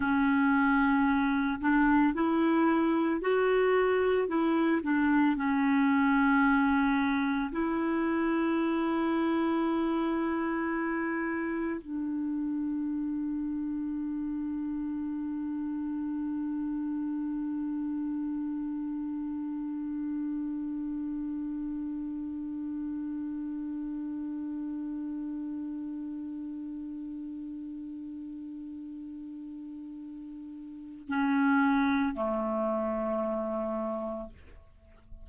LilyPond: \new Staff \with { instrumentName = "clarinet" } { \time 4/4 \tempo 4 = 56 cis'4. d'8 e'4 fis'4 | e'8 d'8 cis'2 e'4~ | e'2. d'4~ | d'1~ |
d'1~ | d'1~ | d'1~ | d'4 cis'4 a2 | }